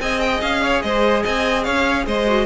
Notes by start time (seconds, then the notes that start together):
0.00 C4 G#4 D#5 G#5
0.21 G5
0.41 C#4 F5
0.63 C#5
0.82 G#3 C5 D#5
1.23 C4 D#5 G#5
1.64 C#4 C#5 F5
2.07 G#3 C5 D#5
2.27 F#4